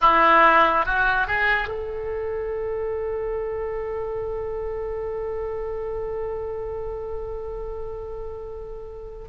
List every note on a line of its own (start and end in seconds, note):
0.01 0.85 E4
0.85 1.27 F#4
1.27 1.67 G#4
1.67 9.28 A4